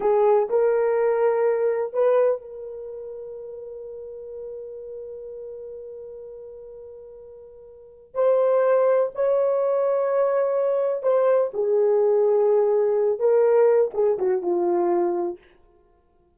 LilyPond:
\new Staff \with { instrumentName = "horn" } { \time 4/4 \tempo 4 = 125 gis'4 ais'2. | b'4 ais'2.~ | ais'1~ | ais'1~ |
ais'4 c''2 cis''4~ | cis''2. c''4 | gis'2.~ gis'8 ais'8~ | ais'4 gis'8 fis'8 f'2 | }